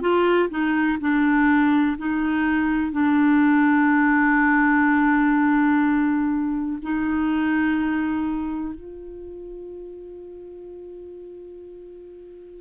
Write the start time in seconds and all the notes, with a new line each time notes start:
0.00 F4
0.49 D#4
1.00 D4
1.97 D#4
2.92 D4
6.82 D#4
8.74 F4